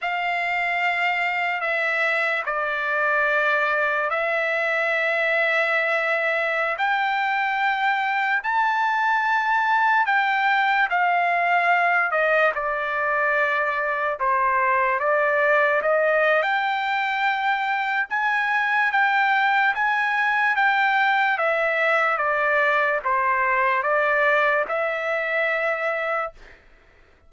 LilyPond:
\new Staff \with { instrumentName = "trumpet" } { \time 4/4 \tempo 4 = 73 f''2 e''4 d''4~ | d''4 e''2.~ | e''16 g''2 a''4.~ a''16~ | a''16 g''4 f''4. dis''8 d''8.~ |
d''4~ d''16 c''4 d''4 dis''8. | g''2 gis''4 g''4 | gis''4 g''4 e''4 d''4 | c''4 d''4 e''2 | }